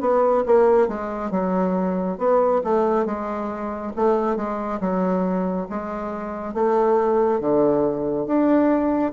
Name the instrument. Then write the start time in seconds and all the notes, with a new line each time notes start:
bassoon
0.00 B3
0.45 A#3
0.87 G#3
1.30 F#3
2.18 B3
2.64 A3
3.05 G#3
3.96 A3
4.36 G#3
4.80 F#3
5.69 G#3
6.54 A3
7.40 D3
8.26 D4